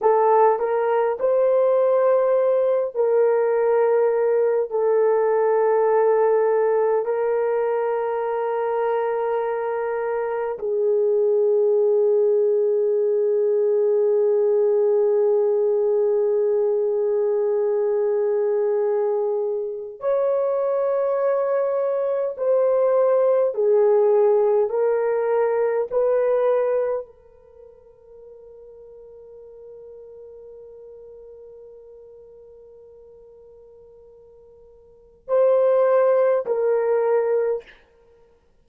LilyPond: \new Staff \with { instrumentName = "horn" } { \time 4/4 \tempo 4 = 51 a'8 ais'8 c''4. ais'4. | a'2 ais'2~ | ais'4 gis'2.~ | gis'1~ |
gis'4 cis''2 c''4 | gis'4 ais'4 b'4 ais'4~ | ais'1~ | ais'2 c''4 ais'4 | }